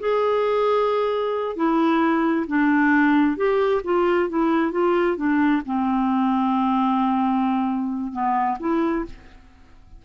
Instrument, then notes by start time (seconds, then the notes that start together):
clarinet
0.00 G#4
1.56 E4
2.48 D4
3.37 G4
3.84 F4
4.30 E4
4.72 F4
5.17 D4
5.66 C4
8.13 B3
8.60 E4